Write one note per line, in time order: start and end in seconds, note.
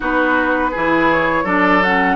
0.00 0.74 B3
0.00 0.71 D#4
0.00 0.71 F#4
0.00 1.12 B4
0.71 1.44 E3
0.71 1.45 E4
0.71 1.44 G#4
1.12 1.46 C#5
1.44 2.16 F#3
1.44 1.82 D4
1.44 2.16 A4
1.44 1.83 D5
1.83 2.16 C#4
1.83 2.16 F#5